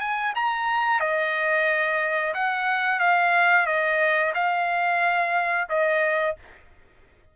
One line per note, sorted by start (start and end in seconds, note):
0.00 0.33 G#5
0.35 1.00 A#5
1.00 2.34 D#5
2.34 3.00 F#5
3.00 3.66 F5
3.66 4.33 D#5
4.35 5.68 F5
5.69 6.36 D#5